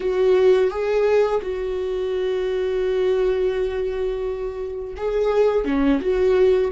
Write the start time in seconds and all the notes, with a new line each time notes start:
0.00 F#4
0.70 G#4
1.41 F#4
4.96 G#4
5.64 C#4
6.00 F#4